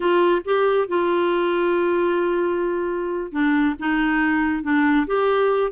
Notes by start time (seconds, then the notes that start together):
0.00 F4
0.44 G4
0.88 F4
3.32 D4
3.79 D#4
4.63 D4
5.06 G4